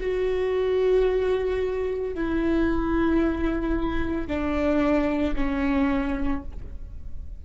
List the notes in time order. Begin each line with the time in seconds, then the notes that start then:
0.00 F#4
2.14 E4
4.28 D4
5.35 C#4